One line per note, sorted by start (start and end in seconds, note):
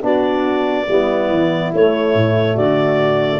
0.00 0.87 B3
0.00 0.85 D4
0.00 0.88 F#4
0.00 1.73 D5
0.88 1.30 G3
0.88 1.73 B3
0.88 2.55 E4
1.30 1.72 E3
1.73 3.40 A3
1.73 2.14 A3
1.73 2.57 C#5
2.14 2.56 A2
2.55 3.40 D3
2.55 3.39 F#4
2.55 3.40 D5